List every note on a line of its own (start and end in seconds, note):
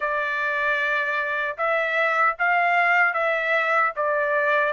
0.00 1.56 D5
1.57 2.36 E5
2.38 3.13 F5
3.13 3.92 E5
3.96 4.73 D5